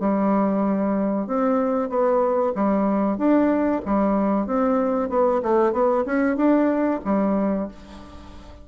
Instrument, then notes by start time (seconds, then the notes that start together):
bassoon
0.00 G3
1.27 C4
1.89 B3
2.55 G3
3.18 D4
3.85 G3
4.47 C4
5.09 B3
5.43 A3
5.72 B3
6.06 C#4
6.37 D4
7.04 G3